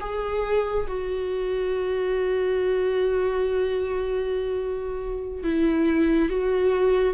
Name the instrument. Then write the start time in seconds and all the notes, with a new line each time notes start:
viola
0.00 G#4
0.87 F#4
5.43 E4
6.29 F#4